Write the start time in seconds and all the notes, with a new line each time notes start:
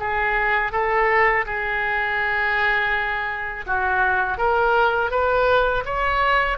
0.00 G#4
0.73 A4
1.46 G#4
3.67 F#4
4.38 A#4
5.12 B4
5.85 C#5